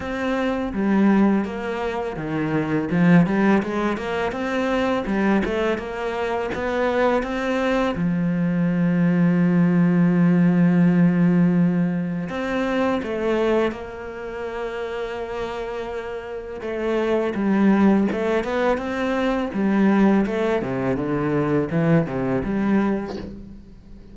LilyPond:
\new Staff \with { instrumentName = "cello" } { \time 4/4 \tempo 4 = 83 c'4 g4 ais4 dis4 | f8 g8 gis8 ais8 c'4 g8 a8 | ais4 b4 c'4 f4~ | f1~ |
f4 c'4 a4 ais4~ | ais2. a4 | g4 a8 b8 c'4 g4 | a8 c8 d4 e8 c8 g4 | }